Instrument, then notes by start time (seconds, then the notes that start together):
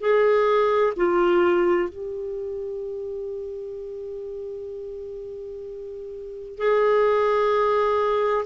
clarinet
0.00 G#4
0.97 F4
1.90 G4
6.58 G#4